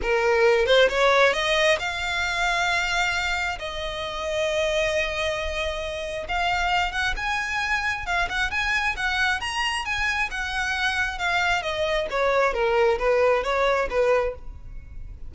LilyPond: \new Staff \with { instrumentName = "violin" } { \time 4/4 \tempo 4 = 134 ais'4. c''8 cis''4 dis''4 | f''1 | dis''1~ | dis''2 f''4. fis''8 |
gis''2 f''8 fis''8 gis''4 | fis''4 ais''4 gis''4 fis''4~ | fis''4 f''4 dis''4 cis''4 | ais'4 b'4 cis''4 b'4 | }